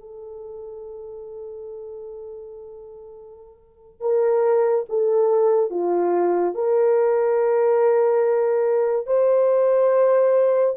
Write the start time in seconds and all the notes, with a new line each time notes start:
0.00 A4
4.00 A#4
4.89 A4
5.70 F4
6.55 A#4
9.07 C5